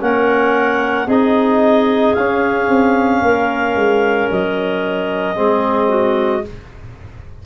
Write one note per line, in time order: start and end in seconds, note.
0.00 1.07 A#3
0.00 1.07 C#4
0.00 1.07 A#4
0.00 1.08 F#5
1.07 2.14 C4
1.07 2.16 D#4
1.07 3.21 G#4
1.07 2.14 D#5
2.14 2.68 C#4
2.14 5.35 C#4
2.14 4.29 F5
2.68 3.21 C4
3.22 3.75 A#3
3.22 5.36 A#4
3.76 4.29 G#3
4.31 5.38 F#3
4.31 6.46 D#5
5.35 6.45 G#3
5.35 6.42 C4
5.35 5.89 G#4
5.89 6.42 F#4